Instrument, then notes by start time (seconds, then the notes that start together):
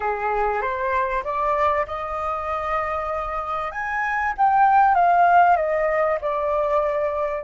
flute
0.00 G#4
0.61 C5
1.24 D5
1.86 D#5
3.71 G#5
4.37 G5
4.95 F5
5.56 D#5
6.21 D5